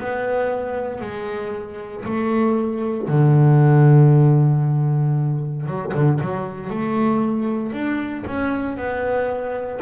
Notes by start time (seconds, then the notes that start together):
0.00 B3
1.02 G#3
2.05 A3
3.08 D3
5.67 F#3
5.94 D3
6.21 F#3
6.71 A3
7.73 D4
8.27 C#4
8.77 B3